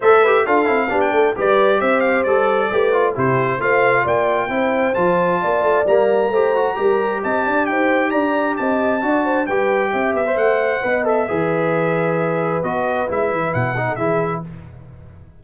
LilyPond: <<
  \new Staff \with { instrumentName = "trumpet" } { \time 4/4 \tempo 4 = 133 e''4 f''4~ f''16 g''8. d''4 | e''8 f''8 d''2 c''4 | f''4 g''2 a''4~ | a''4 ais''2. |
a''4 g''4 ais''4 a''4~ | a''4 g''4. e''8 fis''4~ | fis''8 e''2.~ e''8 | dis''4 e''4 fis''4 e''4 | }
  \new Staff \with { instrumentName = "horn" } { \time 4/4 c''8 b'8 a'4 g'8 a'8 b'4 | c''2 b'4 g'4 | c''4 d''4 c''2 | d''2 c''4 ais'4 |
dis''8 d''8 c''4 d''4 dis''4 | d''8 c''8 b'4 e''2 | dis''4 b'2.~ | b'2~ b'8. a'16 gis'4 | }
  \new Staff \with { instrumentName = "trombone" } { \time 4/4 a'8 g'8 f'8 e'8 d'4 g'4~ | g'4 a'4 g'8 f'8 e'4 | f'2 e'4 f'4~ | f'4 ais4 g'8 fis'8 g'4~ |
g'1 | fis'4 g'4.~ g'16 c''4~ c''16 | b'8 a'8 gis'2. | fis'4 e'4. dis'8 e'4 | }
  \new Staff \with { instrumentName = "tuba" } { \time 4/4 a4 d'8 c'8 b8 a8 g4 | c'4 g4 a4 c4 | a4 ais4 c'4 f4 | ais8 a8 g4 a4 g4 |
c'8 d'8 dis'4 d'4 c'4 | d'4 g4 c'8 b8 a4 | b4 e2. | b4 gis8 e8 b,4 e4 | }
>>